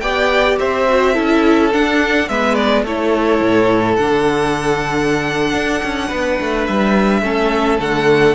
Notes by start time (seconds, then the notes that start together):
0.00 B3 G4 D5 G5
0.59 C4 C5 E5
0.89 F#4
1.14 C#4 E4 A4
1.73 D4 F#5
2.29 G#3 B3 B4 E5
2.55 D5
2.84 A3 E4 A4 C#5
3.41 A2
3.97 D3 D4 F#5
5.54 D4
5.83 C#4
6.08 B3 B4
6.41 A3
6.67 G3 E5
7.22 A3 C#4 A4
7.78 D3 A3 F#5